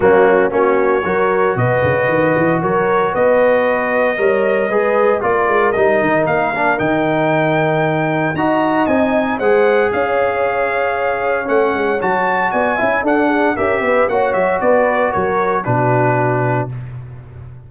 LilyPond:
<<
  \new Staff \with { instrumentName = "trumpet" } { \time 4/4 \tempo 4 = 115 fis'4 cis''2 dis''4~ | dis''4 cis''4 dis''2~ | dis''2 d''4 dis''4 | f''4 g''2. |
ais''4 gis''4 fis''4 f''4~ | f''2 fis''4 a''4 | gis''4 fis''4 e''4 fis''8 e''8 | d''4 cis''4 b'2 | }
  \new Staff \with { instrumentName = "horn" } { \time 4/4 cis'4 fis'4 ais'4 b'4~ | b'4 ais'4 b'2 | cis''4 b'4 ais'2~ | ais'1 |
dis''2 c''4 cis''4~ | cis''1 | d''8 e''8 a'8 gis'8 ais'8 b'8 cis''4 | b'4 ais'4 fis'2 | }
  \new Staff \with { instrumentName = "trombone" } { \time 4/4 ais4 cis'4 fis'2~ | fis'1 | ais'4 gis'4 f'4 dis'4~ | dis'8 d'8 dis'2. |
fis'4 dis'4 gis'2~ | gis'2 cis'4 fis'4~ | fis'8 e'8 d'4 g'4 fis'4~ | fis'2 d'2 | }
  \new Staff \with { instrumentName = "tuba" } { \time 4/4 fis4 ais4 fis4 b,8 cis8 | dis8 e8 fis4 b2 | g4 gis4 ais8 gis8 g8 dis8 | ais4 dis2. |
dis'4 c'4 gis4 cis'4~ | cis'2 a8 gis8 fis4 | b8 cis'8 d'4 cis'8 b8 ais8 fis8 | b4 fis4 b,2 | }
>>